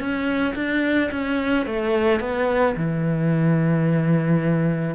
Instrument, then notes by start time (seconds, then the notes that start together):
cello
0.00 C#4
0.56 D4
1.12 C#4
1.66 A3
2.20 B3
2.77 E3